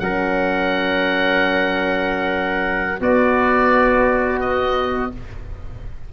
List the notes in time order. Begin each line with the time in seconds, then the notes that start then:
0.00 F#3 C#4 A#4 F#5
3.00 B3 F#4 D5
4.40 D#5